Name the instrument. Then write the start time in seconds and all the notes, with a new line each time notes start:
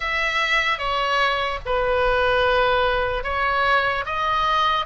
oboe
0.00 E5
0.78 C#5
1.65 B4
3.23 C#5
4.05 D#5